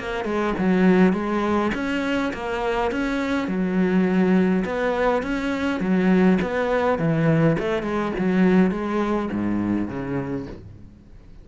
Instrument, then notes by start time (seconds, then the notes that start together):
cello
0.00 A#3
0.25 G#3
0.59 F#3
1.14 G#3
1.75 C#4
2.34 A#3
2.92 C#4
3.48 F#3
4.65 B3
5.23 C#4
5.81 F#3
6.42 B3
6.99 E3
7.60 A3
7.83 G#3
8.19 F#3
8.72 G#3
9.32 G#2
9.89 C#3